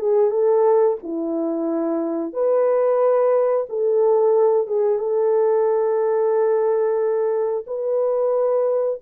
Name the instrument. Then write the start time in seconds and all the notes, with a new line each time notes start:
horn
0.00 G#4
0.31 A4
1.03 E4
2.33 B4
3.69 A4
4.68 G#4
4.99 A4
7.67 B4